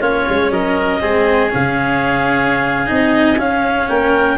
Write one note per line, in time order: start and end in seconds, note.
0.00 0.25 A#3
0.00 1.00 C#4
0.00 0.50 F4
0.00 0.51 C#5
0.28 0.50 G#3
0.50 1.00 F#3
0.50 1.01 A#4
0.50 1.51 D#5
1.00 1.52 G#3
1.00 1.50 C4
1.00 3.89 G#4
1.50 2.90 C#3
1.50 2.86 C#4
1.50 2.89 F5
2.86 3.38 C4
2.86 3.36 D#4
2.86 3.39 D#5
3.38 4.38 C#4
3.38 3.88 C#4
3.38 3.89 F5
3.89 4.38 A#3
3.89 4.38 A#4
3.89 4.38 G5